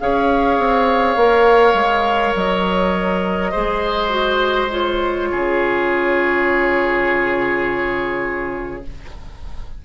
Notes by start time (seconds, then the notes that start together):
0.00 C#4 G#4 C#5 F5
0.59 C4
1.16 A#3 A#4
1.74 G#3
2.36 F#3 D#5
3.52 G#3 G#4 C5
4.09 F#4
4.71 F4 C#5
5.32 C#3 G#4